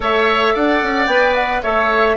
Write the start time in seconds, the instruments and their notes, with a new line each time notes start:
0.00 bassoon A3, clarinet A4, oboe C#5, flute E5
0.53 bassoon D4, oboe D5, flute F#5
0.83 bassoon C#4
1.06 bassoon B3, clarinet B4, flute G5
1.34 flute F#5
1.62 bassoon A3, clarinet A4, oboe C#5, flute E5